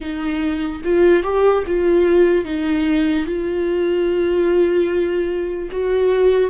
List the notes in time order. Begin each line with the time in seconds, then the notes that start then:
0.00 D#4
0.84 F4
1.23 G4
1.66 F4
2.44 D#4
3.26 F4
5.71 F#4